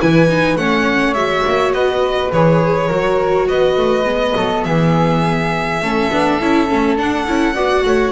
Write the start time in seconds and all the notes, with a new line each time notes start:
0.00 E3 E4 B4 G#5
0.29 D#4
0.56 A3 C#4 C#5 F#5
1.14 G#3 F#4 E5
1.47 A#3
1.73 B3 B4 D#5
2.32 E3 G#4 C#5
2.88 F#3 F#4 A#4
3.48 B3 B4 D#5
3.77 A3
4.04 G#3 B3
4.36 F#3 A4
4.64 E3 G#4 E5
5.81 A3 C#4 A4
6.11 B3 D4
6.41 C#4 E4
6.68 A3 C#4
6.96 D4 F#5
7.27 C#4 E4
7.54 B3 F#4 D5
7.85 A3 C#5